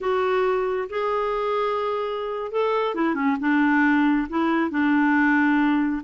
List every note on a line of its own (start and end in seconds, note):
0.01 0.88 F#4
0.89 2.51 G#4
2.51 2.94 A4
2.94 3.15 E4
3.15 3.36 C#4
3.40 4.27 D4
4.29 4.70 E4
4.70 6.01 D4